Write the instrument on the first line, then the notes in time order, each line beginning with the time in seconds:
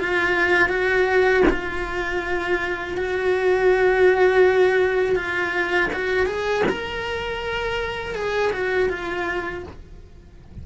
cello
0.00 F4
0.69 F#4
1.50 F4
2.97 F#4
5.16 F4
5.93 F#4
6.27 G#4
6.69 A#4
8.15 G#4
8.53 F#4
8.90 F4